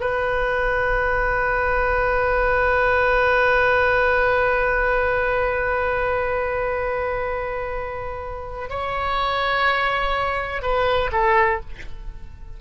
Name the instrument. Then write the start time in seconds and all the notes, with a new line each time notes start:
oboe
0.00 B4
8.70 C#5
10.62 B4
11.12 A4